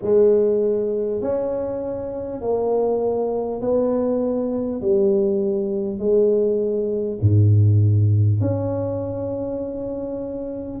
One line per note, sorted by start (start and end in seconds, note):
0.02 1.21 G#3
1.21 2.41 C#4
2.41 3.61 A#3
3.61 4.81 B3
4.81 5.98 G3
5.98 7.18 G#3
7.21 8.40 G#2
8.40 10.80 C#4